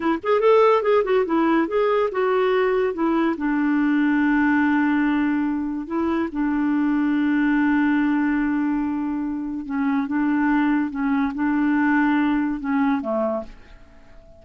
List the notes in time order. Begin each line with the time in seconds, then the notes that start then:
0.00 E4
0.23 G#4
0.40 A4
0.82 G#4
1.04 F#4
1.25 E4
1.67 G#4
2.11 F#4
2.93 E4
3.37 D4
5.86 E4
6.32 D4
9.65 C#4
10.07 D4
10.90 C#4
11.34 D4
12.60 C#4
13.01 A3